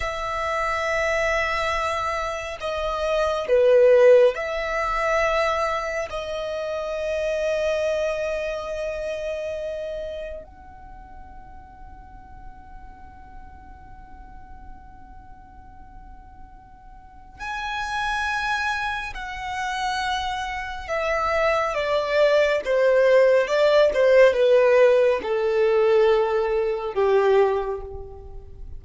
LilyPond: \new Staff \with { instrumentName = "violin" } { \time 4/4 \tempo 4 = 69 e''2. dis''4 | b'4 e''2 dis''4~ | dis''1 | fis''1~ |
fis''1 | gis''2 fis''2 | e''4 d''4 c''4 d''8 c''8 | b'4 a'2 g'4 | }